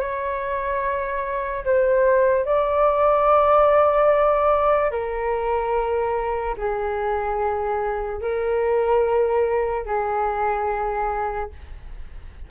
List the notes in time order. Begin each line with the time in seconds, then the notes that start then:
0.00 C#5
1.65 C5
2.45 D5
4.91 A#4
6.58 G#4
8.22 A#4
9.86 G#4